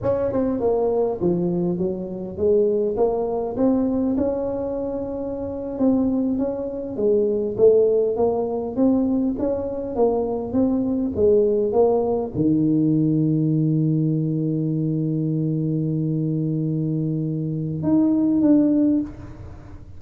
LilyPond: \new Staff \with { instrumentName = "tuba" } { \time 4/4 \tempo 4 = 101 cis'8 c'8 ais4 f4 fis4 | gis4 ais4 c'4 cis'4~ | cis'4.~ cis'16 c'4 cis'4 gis16~ | gis8. a4 ais4 c'4 cis'16~ |
cis'8. ais4 c'4 gis4 ais16~ | ais8. dis2.~ dis16~ | dis1~ | dis2 dis'4 d'4 | }